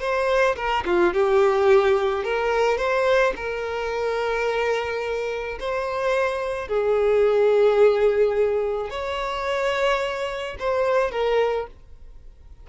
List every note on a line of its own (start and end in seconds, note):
0.00 0.56 C5
0.56 0.84 A#4
0.86 1.13 F4
1.13 2.24 G4
2.24 2.78 A#4
2.78 3.33 C5
3.36 5.58 A#4
5.60 6.68 C5
6.68 8.90 G#4
8.90 10.57 C#5
10.59 11.11 C5
11.11 11.67 A#4